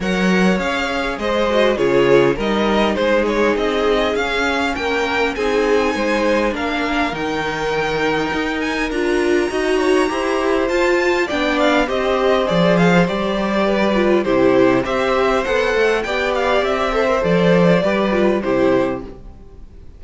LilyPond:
<<
  \new Staff \with { instrumentName = "violin" } { \time 4/4 \tempo 4 = 101 fis''4 f''4 dis''4 cis''4 | dis''4 c''8 cis''8 dis''4 f''4 | g''4 gis''2 f''4 | g''2~ g''8 gis''8 ais''4~ |
ais''2 a''4 g''8 f''8 | dis''4 d''8 f''8 d''2 | c''4 e''4 fis''4 g''8 f''8 | e''4 d''2 c''4 | }
  \new Staff \with { instrumentName = "violin" } { \time 4/4 cis''2 c''4 gis'4 | ais'4 gis'2. | ais'4 gis'4 c''4 ais'4~ | ais'1 |
dis''8 cis''8 c''2 d''4 | c''2. b'4 | g'4 c''2 d''4~ | d''8 c''4. b'4 g'4 | }
  \new Staff \with { instrumentName = "viola" } { \time 4/4 ais'4 gis'4. fis'8 f'4 | dis'2. cis'4~ | cis'4 dis'2 d'4 | dis'2. f'4 |
fis'4 g'4 f'4 d'4 | g'4 gis'4 g'4. f'8 | e'4 g'4 a'4 g'4~ | g'8 a'16 ais'16 a'4 g'8 f'8 e'4 | }
  \new Staff \with { instrumentName = "cello" } { \time 4/4 fis4 cis'4 gis4 cis4 | g4 gis4 c'4 cis'4 | ais4 c'4 gis4 ais4 | dis2 dis'4 d'4 |
dis'4 e'4 f'4 b4 | c'4 f4 g2 | c4 c'4 b8 a8 b4 | c'4 f4 g4 c4 | }
>>